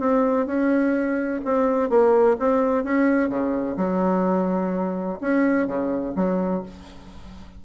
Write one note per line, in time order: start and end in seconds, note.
0.00 0.47 C4
0.47 1.41 C#4
1.45 1.90 C4
1.90 2.37 A#3
2.40 2.84 C4
2.84 3.30 C#4
3.30 3.77 C#3
3.77 5.19 F#3
5.21 5.67 C#4
5.67 6.15 C#3
6.16 6.63 F#3